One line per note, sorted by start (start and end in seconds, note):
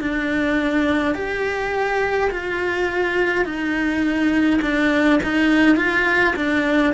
0.00 1.15 D4
1.15 2.30 G4
2.31 3.45 F4
3.45 4.60 D#4
4.62 5.20 D4
5.23 5.76 D#4
5.76 6.34 F4
6.36 6.93 D4